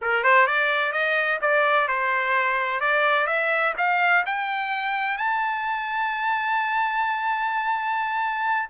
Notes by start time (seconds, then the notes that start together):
0.01 A#4
0.23 C5
0.46 D5
0.92 D#5
1.41 D5
1.87 C5
2.80 D5
3.26 E5
3.77 F5
4.25 G5
5.17 A5